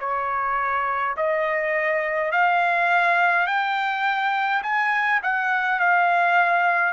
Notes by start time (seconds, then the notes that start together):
0.00 C#5
1.17 D#5
2.32 F5
3.47 G5
4.63 G#5
5.23 F#5
5.80 F5